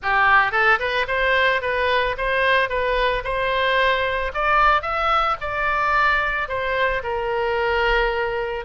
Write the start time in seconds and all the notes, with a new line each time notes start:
0.02 G4
0.51 A4
0.79 B4
1.07 C5
1.61 B4
2.17 C5
2.69 B4
3.24 C5
4.34 D5
4.82 E5
5.40 D5
6.48 C5
7.03 A#4